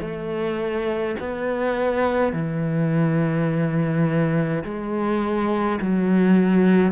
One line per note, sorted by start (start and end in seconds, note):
0.00 1.15 A3
1.19 2.32 B3
2.32 4.63 E3
4.64 5.79 G#3
5.80 6.92 F#3